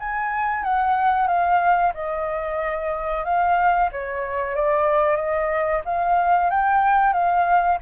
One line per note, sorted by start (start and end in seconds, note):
0.00 0.63 G#5
0.63 1.27 F#5
1.27 1.93 F5
1.94 3.25 D#5
3.25 3.90 F5
3.92 4.56 C#5
4.56 5.16 D5
5.16 5.81 D#5
5.85 6.50 F5
6.51 7.13 G5
7.13 7.78 F5